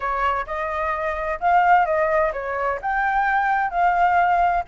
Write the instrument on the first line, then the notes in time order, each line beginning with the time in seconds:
flute
0.00 C#5
0.46 D#5
1.40 F5
1.85 D#5
2.33 C#5
2.81 G5
3.70 F5